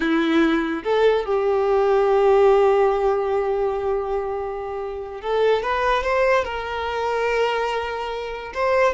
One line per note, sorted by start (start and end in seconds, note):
0.00 0.83 E4
0.83 1.25 A4
1.25 5.21 G4
5.21 5.62 A4
5.62 6.03 B4
6.03 6.44 C5
6.44 8.52 A#4
8.54 8.94 C5